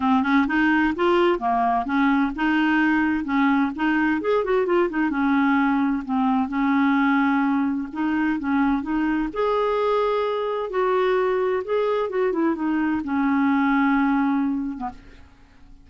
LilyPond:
\new Staff \with { instrumentName = "clarinet" } { \time 4/4 \tempo 4 = 129 c'8 cis'8 dis'4 f'4 ais4 | cis'4 dis'2 cis'4 | dis'4 gis'8 fis'8 f'8 dis'8 cis'4~ | cis'4 c'4 cis'2~ |
cis'4 dis'4 cis'4 dis'4 | gis'2. fis'4~ | fis'4 gis'4 fis'8 e'8 dis'4 | cis'2.~ cis'8. b16 | }